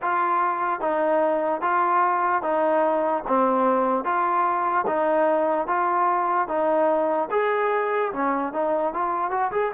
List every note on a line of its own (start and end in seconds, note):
0.02 0.80 F4
0.80 1.61 D#4
1.61 2.42 F4
2.42 3.23 D#4
3.27 4.04 C4
4.04 4.85 F4
4.86 5.67 D#4
5.67 6.48 F4
6.48 7.29 D#4
7.30 8.12 G#4
8.12 8.52 C#4
8.52 8.93 D#4
8.93 9.30 F4
9.30 9.50 F#4
9.51 9.71 G#4